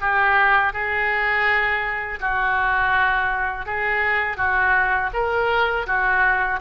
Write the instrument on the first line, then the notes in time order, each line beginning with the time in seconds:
oboe
0.00 G4
0.73 G#4
2.20 F#4
3.66 G#4
4.37 F#4
5.13 A#4
5.86 F#4